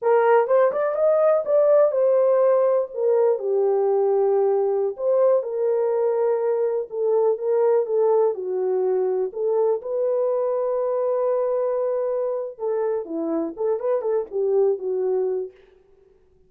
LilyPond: \new Staff \with { instrumentName = "horn" } { \time 4/4 \tempo 4 = 124 ais'4 c''8 d''8 dis''4 d''4 | c''2 ais'4 g'4~ | g'2~ g'16 c''4 ais'8.~ | ais'2~ ais'16 a'4 ais'8.~ |
ais'16 a'4 fis'2 a'8.~ | a'16 b'2.~ b'8.~ | b'2 a'4 e'4 | a'8 b'8 a'8 g'4 fis'4. | }